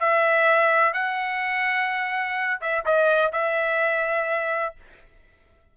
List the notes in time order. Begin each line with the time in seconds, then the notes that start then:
0.00 E5
0.94 F#5
2.61 E5
2.85 D#5
3.32 E5